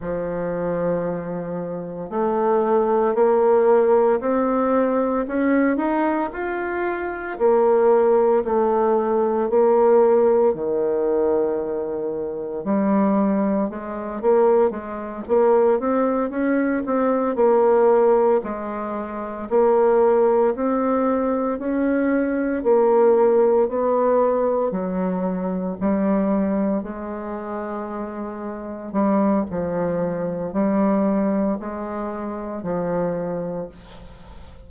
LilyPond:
\new Staff \with { instrumentName = "bassoon" } { \time 4/4 \tempo 4 = 57 f2 a4 ais4 | c'4 cis'8 dis'8 f'4 ais4 | a4 ais4 dis2 | g4 gis8 ais8 gis8 ais8 c'8 cis'8 |
c'8 ais4 gis4 ais4 c'8~ | c'8 cis'4 ais4 b4 fis8~ | fis8 g4 gis2 g8 | f4 g4 gis4 f4 | }